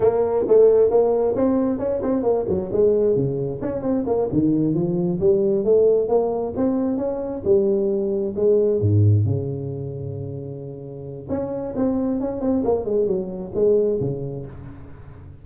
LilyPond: \new Staff \with { instrumentName = "tuba" } { \time 4/4 \tempo 4 = 133 ais4 a4 ais4 c'4 | cis'8 c'8 ais8 fis8 gis4 cis4 | cis'8 c'8 ais8 dis4 f4 g8~ | g8 a4 ais4 c'4 cis'8~ |
cis'8 g2 gis4 gis,8~ | gis,8 cis2.~ cis8~ | cis4 cis'4 c'4 cis'8 c'8 | ais8 gis8 fis4 gis4 cis4 | }